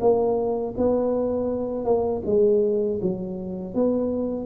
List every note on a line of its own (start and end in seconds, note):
0.00 0.74 A#3
0.77 1.85 B3
1.85 2.22 A#3
2.25 2.99 G#3
3.01 3.74 F#3
3.74 4.45 B3